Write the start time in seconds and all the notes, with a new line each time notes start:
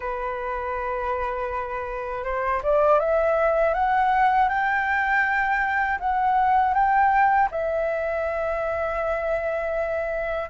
0.00 B4
2.24 C5
2.62 D5
2.99 E5
3.74 F#5
4.49 G5
5.99 F#5
6.74 G5
7.51 E5